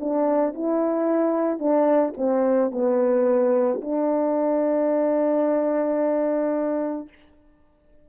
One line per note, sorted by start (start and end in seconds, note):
0.00 0.54 D4
0.54 1.59 E4
1.59 2.14 D4
2.18 2.72 C4
2.72 3.81 B3
3.81 7.09 D4